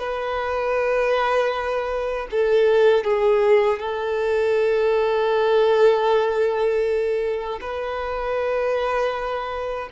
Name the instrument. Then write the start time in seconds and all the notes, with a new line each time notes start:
violin
0.00 B4
2.31 A4
3.04 G#4
3.80 A4
7.61 B4